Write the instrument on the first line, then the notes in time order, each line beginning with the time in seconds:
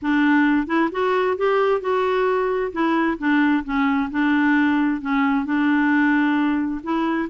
clarinet
0.02 D4
0.66 E4
0.91 F#4
1.37 G4
1.81 F#4
2.72 E4
3.18 D4
3.64 C#4
4.10 D4
5.01 C#4
5.45 D4
6.83 E4